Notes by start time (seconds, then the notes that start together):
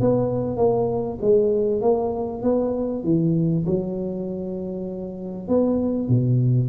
0.00 B3
0.57 A#3
1.21 G#3
1.81 A#3
2.42 B3
3.03 E3
3.66 F#3
5.48 B3
6.08 B2